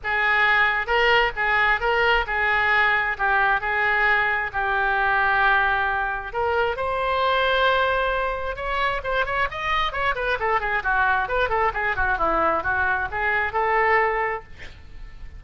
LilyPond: \new Staff \with { instrumentName = "oboe" } { \time 4/4 \tempo 4 = 133 gis'2 ais'4 gis'4 | ais'4 gis'2 g'4 | gis'2 g'2~ | g'2 ais'4 c''4~ |
c''2. cis''4 | c''8 cis''8 dis''4 cis''8 b'8 a'8 gis'8 | fis'4 b'8 a'8 gis'8 fis'8 e'4 | fis'4 gis'4 a'2 | }